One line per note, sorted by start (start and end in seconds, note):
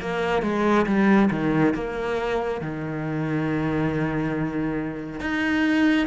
0.00 0.42 A#3
0.42 0.85 G#3
0.86 1.29 G3
1.30 1.74 D#3
1.74 2.60 A#3
2.60 5.20 D#3
5.20 6.07 D#4